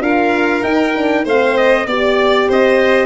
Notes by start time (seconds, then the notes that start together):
0.00 D4 F4 A#4 F5
0.63 D#4 G5
0.95 D4
1.24 A3 C4 C5 F5
1.57 D#5
1.87 B3 G4 D5
2.49 C4 C5 D#5